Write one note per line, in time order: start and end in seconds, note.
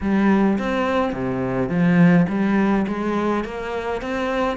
0.01 0.58 G3
0.58 1.12 C4
1.12 1.69 C3
1.69 2.26 F3
2.29 2.86 G3
2.87 3.44 G#3
3.44 4.01 A#3
4.01 4.57 C4